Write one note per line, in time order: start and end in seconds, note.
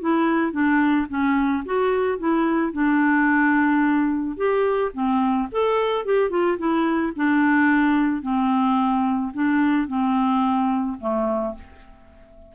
0.00 0.52 E4
0.52 1.07 D4
1.08 1.63 C#4
1.65 2.18 F#4
2.18 2.72 E4
2.72 4.36 D4
4.36 4.91 G4
4.93 5.48 C4
5.51 6.05 A4
6.05 6.30 G4
6.30 6.57 F4
6.58 7.13 E4
7.16 8.21 D4
8.21 9.32 C4
9.33 9.87 D4
9.87 10.97 C4
10.99 11.54 A3